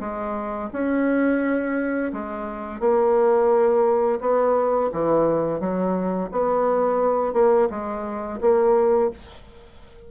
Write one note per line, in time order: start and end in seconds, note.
0.00 0.70 G#3
0.73 2.12 C#4
2.13 2.80 G#3
2.80 4.19 A#3
4.21 4.90 B3
4.92 5.60 E3
5.60 6.29 F#3
6.31 7.33 B3
7.33 7.68 A#3
7.70 8.39 G#3
8.41 9.10 A#3